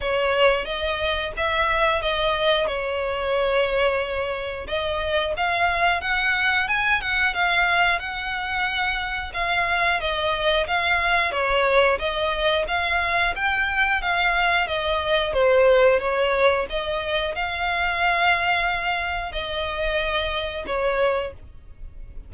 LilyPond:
\new Staff \with { instrumentName = "violin" } { \time 4/4 \tempo 4 = 90 cis''4 dis''4 e''4 dis''4 | cis''2. dis''4 | f''4 fis''4 gis''8 fis''8 f''4 | fis''2 f''4 dis''4 |
f''4 cis''4 dis''4 f''4 | g''4 f''4 dis''4 c''4 | cis''4 dis''4 f''2~ | f''4 dis''2 cis''4 | }